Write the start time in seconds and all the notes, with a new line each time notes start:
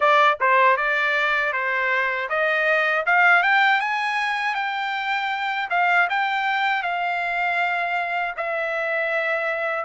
0.00 D5
0.40 C5
0.76 D5
1.53 C5
2.29 D#5
3.06 F5
3.42 G5
3.80 G#5
4.55 G5
5.70 F5
6.09 G5
6.83 F5
8.36 E5